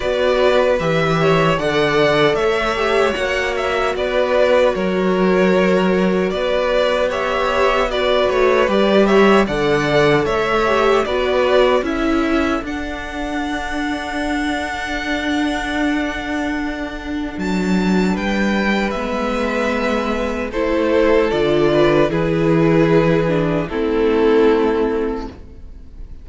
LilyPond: <<
  \new Staff \with { instrumentName = "violin" } { \time 4/4 \tempo 4 = 76 d''4 e''4 fis''4 e''4 | fis''8 e''8 d''4 cis''2 | d''4 e''4 d''8 cis''8 d''8 e''8 | fis''4 e''4 d''4 e''4 |
fis''1~ | fis''2 a''4 g''4 | e''2 c''4 d''4 | b'2 a'2 | }
  \new Staff \with { instrumentName = "violin" } { \time 4/4 b'4. cis''8 d''4 cis''4~ | cis''4 b'4 ais'2 | b'4 cis''4 b'4. cis''8 | d''4 cis''4 b'4 a'4~ |
a'1~ | a'2. b'4~ | b'2 a'4. b'8 | gis'2 e'2 | }
  \new Staff \with { instrumentName = "viola" } { \time 4/4 fis'4 g'4 a'4. g'8 | fis'1~ | fis'4 g'4 fis'4 g'4 | a'4. g'8 fis'4 e'4 |
d'1~ | d'1 | b2 e'4 f'4 | e'4. d'8 c'2 | }
  \new Staff \with { instrumentName = "cello" } { \time 4/4 b4 e4 d4 a4 | ais4 b4 fis2 | b2~ b8 a8 g4 | d4 a4 b4 cis'4 |
d'1~ | d'2 fis4 g4 | gis2 a4 d4 | e2 a2 | }
>>